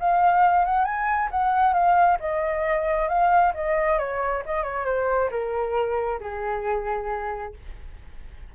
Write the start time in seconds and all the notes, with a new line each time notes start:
0.00 F5
0.65 F#5
0.85 G#5
1.31 F#5
1.73 F5
2.20 D#5
3.09 F5
3.54 D#5
3.99 C#5
4.46 D#5
4.63 C#5
4.85 C5
5.31 A#4
6.20 G#4